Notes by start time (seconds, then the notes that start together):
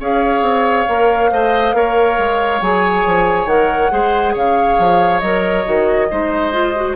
0.00 C#4 G#4 C#5 F5
0.42 C4
0.88 A#3 A#4
1.30 A3 C5 D#5
1.74 A#3 A#4 C#5
2.18 G#3
2.61 F#3 G#4 G#5
3.07 F3
3.46 D#3 A#4 F#5
3.91 G#3 G#4 C5
4.34 C#3 C#5 F5
4.79 F3
5.20 F#3 A#4 D#5
5.65 D#3 F#4
6.09 G#3 D#4 C5
6.53 F4
6.76 F#4